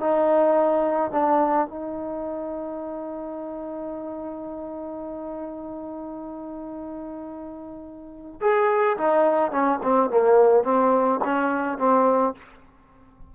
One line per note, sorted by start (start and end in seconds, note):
0.00 1.12 D#4
1.12 1.67 D4
1.67 8.40 D#4
8.41 8.97 G#4
8.97 9.51 D#4
9.51 9.80 C#4
9.83 10.10 C4
10.10 10.64 A#3
10.64 11.20 C4
11.25 11.78 C#4
11.78 12.34 C4